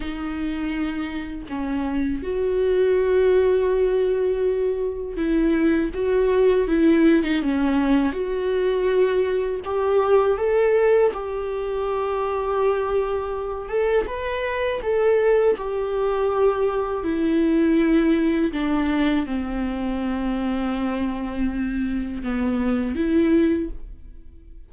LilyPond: \new Staff \with { instrumentName = "viola" } { \time 4/4 \tempo 4 = 81 dis'2 cis'4 fis'4~ | fis'2. e'4 | fis'4 e'8. dis'16 cis'4 fis'4~ | fis'4 g'4 a'4 g'4~ |
g'2~ g'8 a'8 b'4 | a'4 g'2 e'4~ | e'4 d'4 c'2~ | c'2 b4 e'4 | }